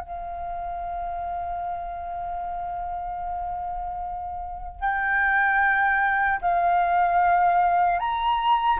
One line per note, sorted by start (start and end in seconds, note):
0.00 4.80 F5
4.80 6.40 G5
6.41 7.99 F5
7.99 8.79 A#5